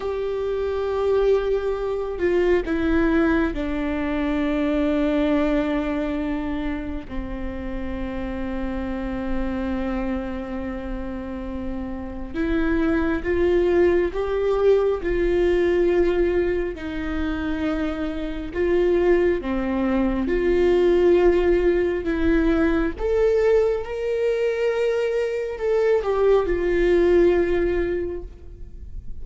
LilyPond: \new Staff \with { instrumentName = "viola" } { \time 4/4 \tempo 4 = 68 g'2~ g'8 f'8 e'4 | d'1 | c'1~ | c'2 e'4 f'4 |
g'4 f'2 dis'4~ | dis'4 f'4 c'4 f'4~ | f'4 e'4 a'4 ais'4~ | ais'4 a'8 g'8 f'2 | }